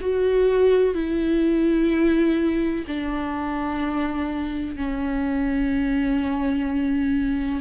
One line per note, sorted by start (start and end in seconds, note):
0.00 0.94 F#4
0.94 2.84 E4
2.87 4.76 D4
4.76 7.61 C#4